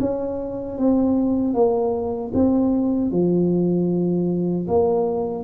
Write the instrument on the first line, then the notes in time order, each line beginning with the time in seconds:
tuba
0.00 C#4
0.78 C4
1.54 A#3
2.34 C4
3.11 F3
4.68 A#3